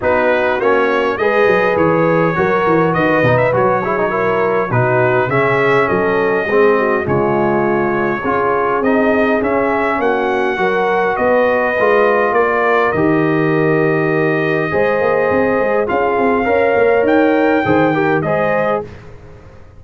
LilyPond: <<
  \new Staff \with { instrumentName = "trumpet" } { \time 4/4 \tempo 4 = 102 b'4 cis''4 dis''4 cis''4~ | cis''4 dis''8. e''16 cis''2 | b'4 e''4 dis''2 | cis''2. dis''4 |
e''4 fis''2 dis''4~ | dis''4 d''4 dis''2~ | dis''2. f''4~ | f''4 g''2 dis''4 | }
  \new Staff \with { instrumentName = "horn" } { \time 4/4 fis'2 b'2 | ais'4 b'4. gis'8 ais'4 | fis'4 gis'4 a'4 gis'8 fis'8 | f'2 gis'2~ |
gis'4 fis'4 ais'4 b'4~ | b'4 ais'2.~ | ais'4 c''2 gis'4 | cis''2 c''8 ais'8 c''4 | }
  \new Staff \with { instrumentName = "trombone" } { \time 4/4 dis'4 cis'4 gis'2 | fis'4. dis'8 fis'8 e'16 dis'16 e'4 | dis'4 cis'2 c'4 | gis2 f'4 dis'4 |
cis'2 fis'2 | f'2 g'2~ | g'4 gis'2 f'4 | ais'2 gis'8 g'8 gis'4 | }
  \new Staff \with { instrumentName = "tuba" } { \time 4/4 b4 ais4 gis8 fis8 e4 | fis8 e8 dis8 b,8 fis2 | b,4 cis4 fis4 gis4 | cis2 cis'4 c'4 |
cis'4 ais4 fis4 b4 | gis4 ais4 dis2~ | dis4 gis8 ais8 c'8 gis8 cis'8 c'8 | cis'8 ais8 dis'4 dis4 gis4 | }
>>